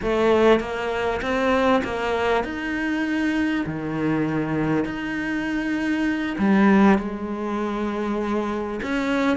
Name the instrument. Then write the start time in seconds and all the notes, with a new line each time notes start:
cello
0.02 A3
0.60 A#3
1.21 C4
1.83 A#3
2.44 D#4
3.66 D#3
4.85 D#4
6.38 G3
6.98 G#3
8.82 C#4